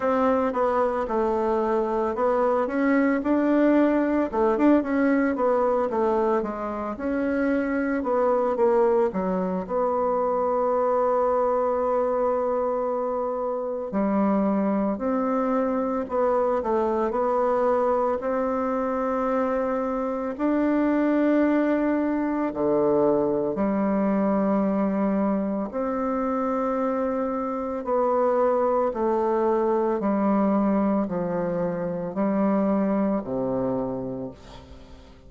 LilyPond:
\new Staff \with { instrumentName = "bassoon" } { \time 4/4 \tempo 4 = 56 c'8 b8 a4 b8 cis'8 d'4 | a16 d'16 cis'8 b8 a8 gis8 cis'4 b8 | ais8 fis8 b2.~ | b4 g4 c'4 b8 a8 |
b4 c'2 d'4~ | d'4 d4 g2 | c'2 b4 a4 | g4 f4 g4 c4 | }